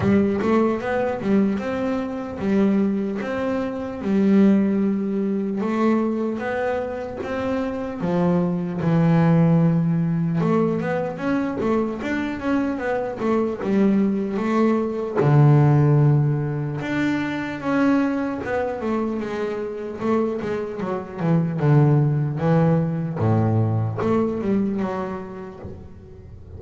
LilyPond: \new Staff \with { instrumentName = "double bass" } { \time 4/4 \tempo 4 = 75 g8 a8 b8 g8 c'4 g4 | c'4 g2 a4 | b4 c'4 f4 e4~ | e4 a8 b8 cis'8 a8 d'8 cis'8 |
b8 a8 g4 a4 d4~ | d4 d'4 cis'4 b8 a8 | gis4 a8 gis8 fis8 e8 d4 | e4 a,4 a8 g8 fis4 | }